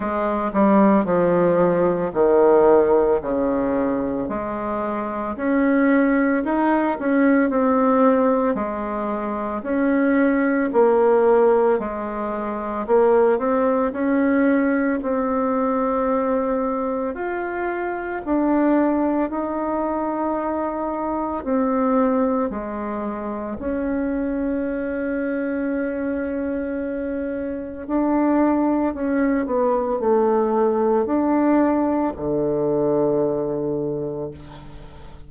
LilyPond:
\new Staff \with { instrumentName = "bassoon" } { \time 4/4 \tempo 4 = 56 gis8 g8 f4 dis4 cis4 | gis4 cis'4 dis'8 cis'8 c'4 | gis4 cis'4 ais4 gis4 | ais8 c'8 cis'4 c'2 |
f'4 d'4 dis'2 | c'4 gis4 cis'2~ | cis'2 d'4 cis'8 b8 | a4 d'4 d2 | }